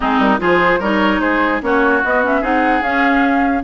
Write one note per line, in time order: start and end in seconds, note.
0.00 0.18 G#3
0.00 0.39 C4
0.00 0.40 D#4
0.00 0.20 G#4
0.18 0.38 G3
0.18 0.40 A#4
0.39 0.80 F3
0.39 0.79 F4
0.39 0.79 G#4
0.39 0.82 C5
0.79 1.20 G3
0.79 1.62 D#4
0.79 1.20 A#4
0.79 1.20 C#5
1.20 1.60 G#3
1.20 1.61 G#4
1.20 1.61 C5
1.62 2.02 A#3
1.62 2.02 C#4
1.62 2.40 F#4
1.62 2.03 C#5
2.04 2.41 B3
2.04 2.23 B3
2.04 2.24 D#5
2.23 2.42 C#4
2.23 2.44 E5
2.40 2.81 C4
2.40 2.82 D#4
2.40 3.62 G#4
2.40 2.83 F#5
2.81 3.62 C#4
2.81 3.63 C#4
2.81 3.63 F5